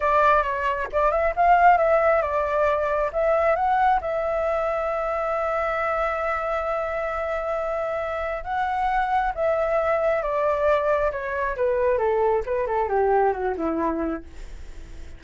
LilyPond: \new Staff \with { instrumentName = "flute" } { \time 4/4 \tempo 4 = 135 d''4 cis''4 d''8 e''8 f''4 | e''4 d''2 e''4 | fis''4 e''2.~ | e''1~ |
e''2. fis''4~ | fis''4 e''2 d''4~ | d''4 cis''4 b'4 a'4 | b'8 a'8 g'4 fis'8 e'4. | }